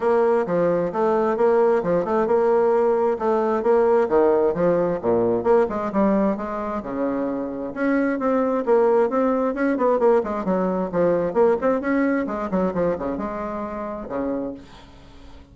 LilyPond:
\new Staff \with { instrumentName = "bassoon" } { \time 4/4 \tempo 4 = 132 ais4 f4 a4 ais4 | f8 a8 ais2 a4 | ais4 dis4 f4 ais,4 | ais8 gis8 g4 gis4 cis4~ |
cis4 cis'4 c'4 ais4 | c'4 cis'8 b8 ais8 gis8 fis4 | f4 ais8 c'8 cis'4 gis8 fis8 | f8 cis8 gis2 cis4 | }